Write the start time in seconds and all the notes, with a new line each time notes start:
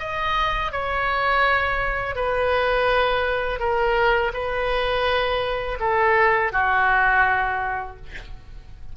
0.00 D#5
0.72 C#5
2.16 B4
3.60 A#4
4.34 B4
5.80 A4
6.53 F#4